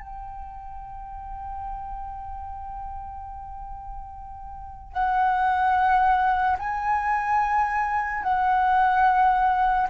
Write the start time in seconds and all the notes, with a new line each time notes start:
0.00 G5
4.93 F#5
6.59 G#5
8.24 F#5